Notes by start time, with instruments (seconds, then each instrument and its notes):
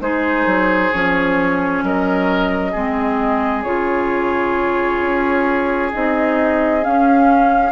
0.00 bassoon G#3, clarinet D#4, oboe G#4, flute C5
0.45 bassoon F#3
0.92 bassoon F3, clarinet C#4, flute C#5
1.82 bassoon F#3, oboe A#4, flute D#5
2.71 bassoon G#3, clarinet C4, oboe G#4
3.63 bassoon C#3, clarinet F4, flute C#5
5.01 bassoon C#4
5.93 bassoon C4, clarinet D#4, flute D#5
6.81 clarinet C#4, bassoon C#4, flute F5